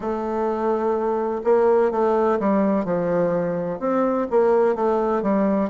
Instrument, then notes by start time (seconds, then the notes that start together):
bassoon
0.00 A3
1.43 A#3
1.91 A3
2.39 G3
2.84 F3
3.79 C4
4.30 A#3
4.75 A3
5.22 G3